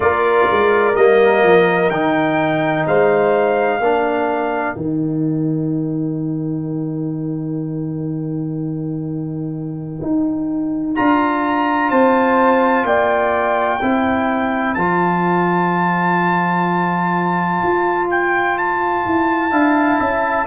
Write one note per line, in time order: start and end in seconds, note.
0.00 0.46 A#3
0.00 0.94 F4
0.00 2.87 A#4
0.00 0.95 D5
0.51 0.95 G#3
0.95 1.43 G3
0.95 1.91 A#3
0.95 1.89 D#5
1.43 1.90 F3
1.89 2.85 D#3
1.89 3.81 D#4
1.89 2.85 G5
2.87 3.79 G#3
2.87 3.81 C5
2.87 4.76 F5
3.79 4.75 A#3
3.79 4.76 D4
3.79 11.90 A#4
4.76 10.00 D#3
4.76 10.95 D#4
4.76 10.95 G5
10.01 10.96 D#4
10.95 11.91 D4
10.95 13.81 F4
10.95 11.90 A#5
11.90 12.84 C4
11.90 12.85 C5
11.90 12.85 A5
12.84 13.79 A#3
12.84 13.81 D5
12.84 14.74 G5
13.81 14.76 C4
13.81 14.77 E4
13.81 19.51 C5
14.74 17.62 F3
14.74 19.51 F4
14.74 18.07 A5
17.62 19.05 F4
18.10 18.58 G5
18.58 20.46 A5
19.06 19.51 E4
19.51 19.98 D4
19.51 20.46 E4
19.51 19.99 F5
20.00 20.46 C#4
20.00 20.46 E5